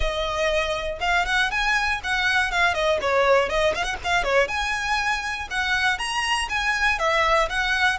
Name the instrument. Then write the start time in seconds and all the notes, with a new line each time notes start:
violin
0.00 D#5
1.00 F5
1.25 F#5
1.50 G#5
2.03 F#5
2.51 F5
2.73 D#5
3.01 C#5
3.49 D#5
3.75 F5
3.83 F#5
4.04 F5
4.23 C#5
4.48 G#5
5.50 F#5
5.98 A#5
6.49 G#5
6.98 E5
7.49 F#5